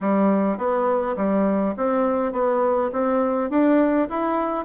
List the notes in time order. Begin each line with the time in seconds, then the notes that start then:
0.00 G3
0.57 B3
1.16 G3
1.76 C4
2.32 B3
2.92 C4
3.50 D4
4.09 E4